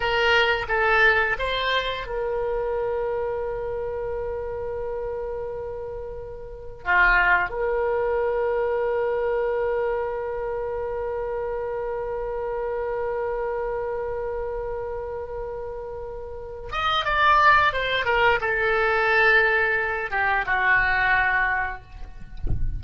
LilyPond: \new Staff \with { instrumentName = "oboe" } { \time 4/4 \tempo 4 = 88 ais'4 a'4 c''4 ais'4~ | ais'1~ | ais'2 f'4 ais'4~ | ais'1~ |
ais'1~ | ais'1~ | ais'8 dis''8 d''4 c''8 ais'8 a'4~ | a'4. g'8 fis'2 | }